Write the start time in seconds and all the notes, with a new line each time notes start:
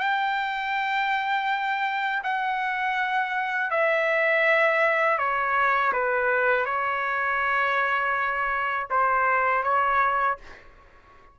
0.00 G5
2.23 F#5
3.70 E5
5.18 C#5
5.92 B4
6.65 C#5
8.90 C5
9.63 C#5